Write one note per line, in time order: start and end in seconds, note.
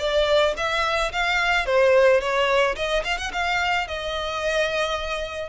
0.00 0.55 D5
0.57 1.12 E5
1.12 1.66 F5
1.66 2.21 C5
2.21 2.76 C#5
2.76 3.04 D#5
3.05 3.18 F5
3.18 3.32 F#5
3.33 3.88 F5
3.88 5.49 D#5